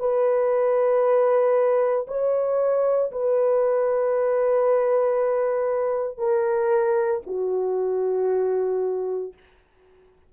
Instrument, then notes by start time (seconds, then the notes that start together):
horn
0.00 B4
2.08 C#5
3.12 B4
6.18 A#4
7.26 F#4